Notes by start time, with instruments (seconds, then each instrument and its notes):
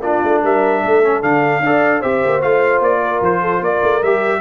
0.00 tuba A#3, trombone D4, horn F4, trumpet D5
0.23 tuba A3
0.42 tuba G3, horn A#4, trumpet E5
0.82 tuba A3, horn A4
1.03 trombone C#4
1.21 tuba D3, trombone D4, trumpet F5
1.60 tuba D4, trombone A4, horn D5
2.00 tuba C4, trombone G4, horn C5, trumpet E5
2.24 tuba A#3
2.41 tuba A3, trombone F4, trumpet F5
2.80 tuba A#3, trumpet D5
3.02 horn A#4
3.21 tuba F3, trumpet C5
3.41 horn A4
3.60 tuba A#3, horn A#4, trumpet D5
3.82 tuba A3
4.02 tuba G3, trombone G4, trumpet E5